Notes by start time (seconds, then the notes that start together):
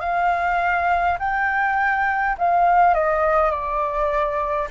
0.00 F5
1.18 G5
2.38 F5
2.94 D#5
3.50 D5